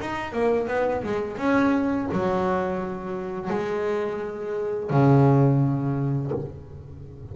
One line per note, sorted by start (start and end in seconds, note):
0.00 0.32 D#4
0.32 0.67 A#3
0.68 1.03 B3
1.04 1.37 G#3
1.37 2.08 C#4
2.12 3.50 F#3
3.50 4.90 G#3
4.90 6.31 C#3